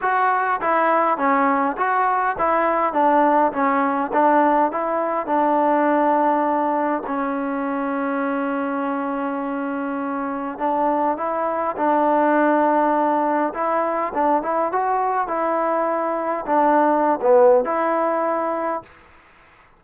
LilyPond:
\new Staff \with { instrumentName = "trombone" } { \time 4/4 \tempo 4 = 102 fis'4 e'4 cis'4 fis'4 | e'4 d'4 cis'4 d'4 | e'4 d'2. | cis'1~ |
cis'2 d'4 e'4 | d'2. e'4 | d'8 e'8 fis'4 e'2 | d'4~ d'16 b8. e'2 | }